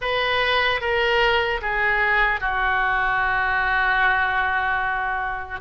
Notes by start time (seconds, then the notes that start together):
0.01 B4
0.80 A#4
1.61 G#4
2.40 F#4